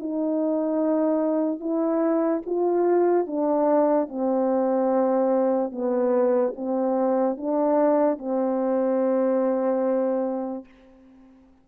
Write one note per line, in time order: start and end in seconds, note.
0.00 1.60 D#4
1.60 2.42 E4
2.46 3.27 F4
3.27 4.09 D4
4.09 5.72 C4
5.72 6.54 B3
6.56 7.38 C4
7.38 8.19 D4
8.19 10.65 C4